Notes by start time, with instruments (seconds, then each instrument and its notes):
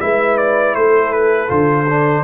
0.00 tuba G#3, trombone E4, horn B4, trumpet E5
0.38 trumpet D5
0.75 tuba A3, horn A4, trumpet C5
1.13 trumpet B4
1.48 tuba D3, trombone F4, trumpet C5
1.89 trombone D4